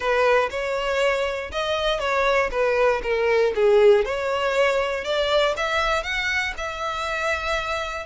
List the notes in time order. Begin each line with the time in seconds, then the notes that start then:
0.00 B4
0.50 C#5
1.51 D#5
1.99 C#5
2.51 B4
3.02 A#4
3.55 G#4
4.05 C#5
5.04 D5
5.56 E5
6.03 F#5
6.57 E5